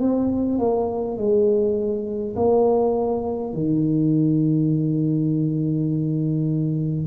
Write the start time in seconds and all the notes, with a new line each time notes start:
0.00 C4
0.59 A#3
1.18 G#3
2.36 A#3
3.54 D#3